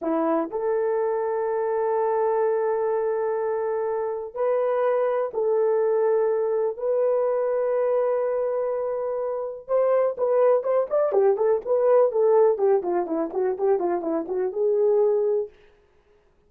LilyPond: \new Staff \with { instrumentName = "horn" } { \time 4/4 \tempo 4 = 124 e'4 a'2.~ | a'1~ | a'4 b'2 a'4~ | a'2 b'2~ |
b'1 | c''4 b'4 c''8 d''8 g'8 a'8 | b'4 a'4 g'8 f'8 e'8 fis'8 | g'8 f'8 e'8 fis'8 gis'2 | }